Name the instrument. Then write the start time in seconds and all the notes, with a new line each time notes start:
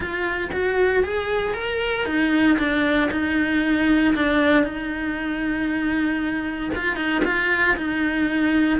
cello
0.00 F4
0.52 F#4
1.03 G#4
1.54 A#4
2.05 D#4
2.58 D4
3.11 D#4
4.15 D4
4.63 D#4
6.75 F4
6.96 D#4
7.24 F4
7.76 D#4